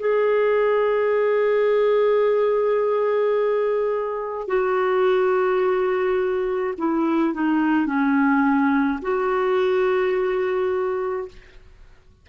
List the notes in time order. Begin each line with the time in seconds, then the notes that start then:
0.00 G#4
4.48 F#4
6.78 E4
7.34 D#4
7.86 C#4
9.02 F#4